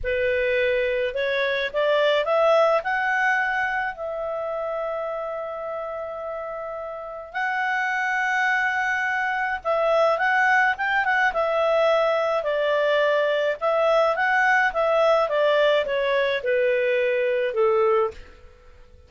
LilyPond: \new Staff \with { instrumentName = "clarinet" } { \time 4/4 \tempo 4 = 106 b'2 cis''4 d''4 | e''4 fis''2 e''4~ | e''1~ | e''4 fis''2.~ |
fis''4 e''4 fis''4 g''8 fis''8 | e''2 d''2 | e''4 fis''4 e''4 d''4 | cis''4 b'2 a'4 | }